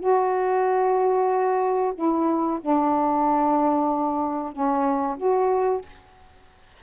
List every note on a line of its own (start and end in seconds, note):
0.00 1.94 F#4
1.95 2.60 E4
2.61 4.53 D4
4.53 5.17 C#4
5.17 5.82 F#4